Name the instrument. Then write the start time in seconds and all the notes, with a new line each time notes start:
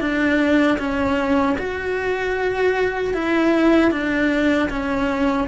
cello
0.00 D4
0.79 C#4
1.58 F#4
3.14 E4
3.91 D4
4.69 C#4